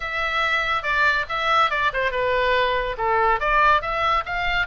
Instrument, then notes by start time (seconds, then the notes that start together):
oboe
0.00 E5
0.82 D5
1.28 E5
1.70 D5
1.93 C5
2.11 B4
2.97 A4
3.40 D5
3.81 E5
4.25 F5